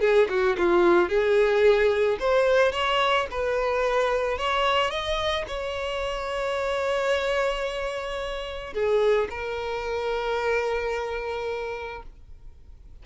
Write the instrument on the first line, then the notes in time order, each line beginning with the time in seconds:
violin
0.00 G#4
0.29 F#4
0.57 F4
1.08 G#4
2.19 C5
2.72 C#5
3.30 B4
4.38 C#5
4.90 D#5
5.47 C#5
8.73 G#4
9.30 A#4